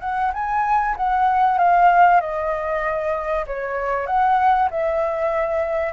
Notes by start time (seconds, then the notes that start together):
0.00 F#5
0.33 G#5
0.96 F#5
1.58 F5
2.20 D#5
3.46 C#5
4.06 F#5
4.70 E5